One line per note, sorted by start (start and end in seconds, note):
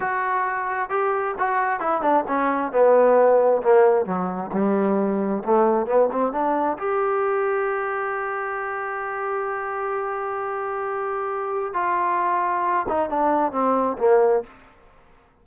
0.00 0.89 F#4
0.89 1.34 G4
1.38 1.79 F#4
1.79 2.01 E4
2.01 2.24 D4
2.27 2.71 C#4
2.71 3.62 B3
3.62 4.05 A#3
4.05 4.51 F#3
4.52 5.43 G3
5.44 5.86 A3
5.86 6.09 B3
6.11 6.32 C4
6.32 6.77 D4
6.78 11.73 G4
11.73 12.86 F4
12.88 13.09 D#4
13.09 13.52 D4
13.52 13.97 C4
13.98 14.43 A#3